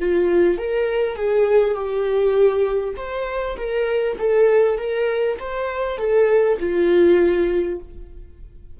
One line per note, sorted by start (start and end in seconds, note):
0.00 0.57 F4
0.57 1.16 A#4
1.16 1.75 G#4
1.75 2.95 G4
2.97 3.57 C5
3.57 4.17 A#4
4.18 4.78 A4
4.78 5.38 A#4
5.39 5.98 C5
5.98 6.58 A4
6.59 7.79 F4